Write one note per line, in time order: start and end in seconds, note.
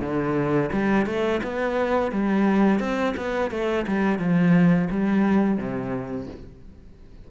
0.00 0.70 D3
0.72 1.06 G3
1.06 1.41 A3
1.43 2.12 B3
2.12 2.80 G3
2.80 3.15 C4
3.17 3.50 B3
3.50 3.85 A3
3.87 4.19 G3
4.19 4.88 F3
4.90 5.58 G3
5.58 6.27 C3